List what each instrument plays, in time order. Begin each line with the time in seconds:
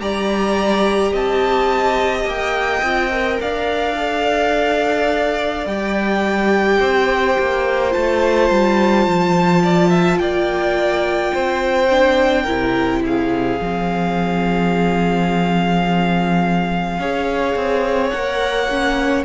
0.00 cello G3, viola G4, violin D5 A#5
1.12 cello C4, violin D#5 A5
2.26 cello A#3, violin G5
2.83 cello C4, viola F4
3.11 viola A#4
3.41 cello D4, violin D5 F5
3.97 viola A4
5.66 cello G3, viola G4, violin G5
6.80 cello C4, violin C5
7.39 cello A#3
7.91 cello A3, viola F4, violin A5
8.51 cello G3
9.07 cello F3
9.64 violin D5
9.90 violin E5
10.19 cello A#3, violin D5 G5
11.34 cello C4, violin C5
11.91 viola D4
12.43 cello C3, viola E4, violin A#4
13.05 violin G#4 F5
13.61 cello F3, viola C4
16.99 cello C#4, viola G#4, violin C#5
17.56 cello C4
18.10 cello A#3, viola A#4, violin F#5
18.70 viola C#4